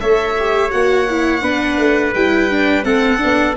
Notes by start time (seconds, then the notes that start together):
0.00 A3 A4 C#5 E5
0.39 G4
0.71 A#3 F#4 F#5
1.10 E4
1.41 B3 D4 B4
1.78 A3
2.14 G3 E4 G5
2.50 D4
2.83 A3 C4 A4 F#5
3.18 D4
3.24 B3